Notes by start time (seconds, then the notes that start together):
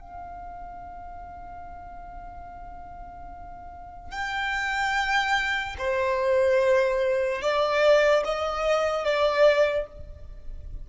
0.00 F5
4.11 G5
5.78 C5
7.41 D5
8.24 D#5
9.04 D5